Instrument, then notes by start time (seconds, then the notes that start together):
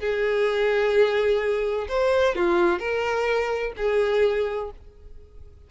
violin
0.00 G#4
1.88 C5
2.35 F4
2.79 A#4
3.77 G#4